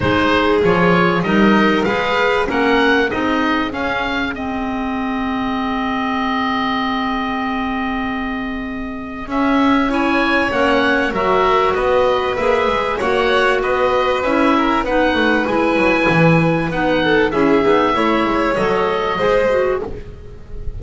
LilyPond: <<
  \new Staff \with { instrumentName = "oboe" } { \time 4/4 \tempo 4 = 97 c''4 cis''4 dis''4 f''4 | fis''4 dis''4 f''4 dis''4~ | dis''1~ | dis''2. e''4 |
gis''4 fis''4 e''4 dis''4 | e''4 fis''4 dis''4 e''4 | fis''4 gis''2 fis''4 | e''2 dis''2 | }
  \new Staff \with { instrumentName = "violin" } { \time 4/4 gis'2 ais'4 b'4 | ais'4 gis'2.~ | gis'1~ | gis'1 |
cis''2 ais'4 b'4~ | b'4 cis''4 b'4. ais'8 | b'2.~ b'8 a'8 | gis'4 cis''2 c''4 | }
  \new Staff \with { instrumentName = "clarinet" } { \time 4/4 dis'4 f'4 dis'4 gis'4 | cis'4 dis'4 cis'4 c'4~ | c'1~ | c'2. cis'4 |
e'4 cis'4 fis'2 | gis'4 fis'2 e'4 | dis'4 e'2 dis'4 | e'8 dis'8 e'4 a'4 gis'8 fis'8 | }
  \new Staff \with { instrumentName = "double bass" } { \time 4/4 gis4 f4 g4 gis4 | ais4 c'4 cis'4 gis4~ | gis1~ | gis2. cis'4~ |
cis'4 ais4 fis4 b4 | ais8 gis8 ais4 b4 cis'4 | b8 a8 gis8 fis8 e4 b4 | cis'8 b8 a8 gis8 fis4 gis4 | }
>>